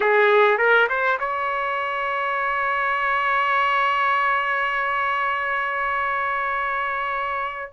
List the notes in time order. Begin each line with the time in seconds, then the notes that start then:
0.00 G#4
0.58 A#4
0.89 C5
1.19 C#5